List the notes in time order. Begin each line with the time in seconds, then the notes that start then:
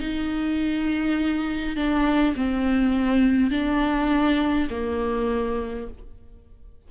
0.00 D#4
1.76 D4
2.36 C4
3.51 D4
4.71 A#3